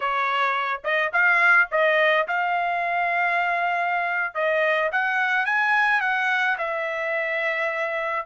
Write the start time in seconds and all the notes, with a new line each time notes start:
0.00 C#5
0.84 D#5
1.12 F5
1.71 D#5
2.27 F5
4.34 D#5
4.91 F#5
5.45 G#5
6.00 F#5
6.58 E5